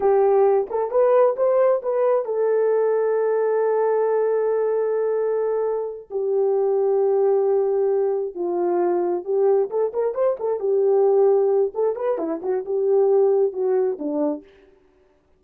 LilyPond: \new Staff \with { instrumentName = "horn" } { \time 4/4 \tempo 4 = 133 g'4. a'8 b'4 c''4 | b'4 a'2.~ | a'1~ | a'4. g'2~ g'8~ |
g'2~ g'8 f'4.~ | f'8 g'4 a'8 ais'8 c''8 a'8 g'8~ | g'2 a'8 b'8 e'8 fis'8 | g'2 fis'4 d'4 | }